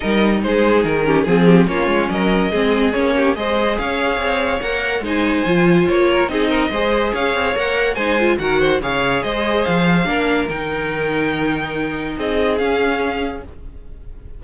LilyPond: <<
  \new Staff \with { instrumentName = "violin" } { \time 4/4 \tempo 4 = 143 dis''4 c''4 ais'4 gis'4 | cis''4 dis''2 cis''4 | dis''4 f''2 fis''4 | gis''2 cis''4 dis''4~ |
dis''4 f''4 fis''4 gis''4 | fis''4 f''4 dis''4 f''4~ | f''4 g''2.~ | g''4 dis''4 f''2 | }
  \new Staff \with { instrumentName = "violin" } { \time 4/4 ais'4 gis'4. g'8 gis'8 g'8 | f'4 ais'4 gis'4. g'8 | c''4 cis''2. | c''2~ c''8 ais'8 gis'8 ais'8 |
c''4 cis''2 c''4 | ais'8 c''8 cis''4 c''2 | ais'1~ | ais'4 gis'2. | }
  \new Staff \with { instrumentName = "viola" } { \time 4/4 dis'2~ dis'8 cis'8 c'4 | cis'2 c'4 cis'4 | gis'2. ais'4 | dis'4 f'2 dis'4 |
gis'2 ais'4 dis'8 f'8 | fis'4 gis'2. | d'4 dis'2.~ | dis'2 cis'2 | }
  \new Staff \with { instrumentName = "cello" } { \time 4/4 g4 gis4 dis4 f4 | ais8 gis8 fis4 gis4 ais4 | gis4 cis'4 c'4 ais4 | gis4 f4 ais4 c'4 |
gis4 cis'8 c'8 ais4 gis4 | dis4 cis4 gis4 f4 | ais4 dis2.~ | dis4 c'4 cis'2 | }
>>